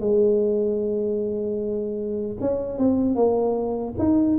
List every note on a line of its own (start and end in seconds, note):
0.00 2.37 G#3
2.41 2.78 C#4
2.78 3.15 C4
3.15 3.94 A#3
3.99 4.38 D#4